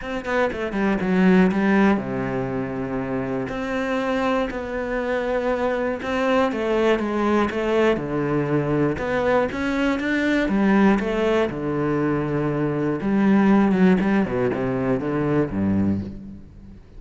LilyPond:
\new Staff \with { instrumentName = "cello" } { \time 4/4 \tempo 4 = 120 c'8 b8 a8 g8 fis4 g4 | c2. c'4~ | c'4 b2. | c'4 a4 gis4 a4 |
d2 b4 cis'4 | d'4 g4 a4 d4~ | d2 g4. fis8 | g8 b,8 c4 d4 g,4 | }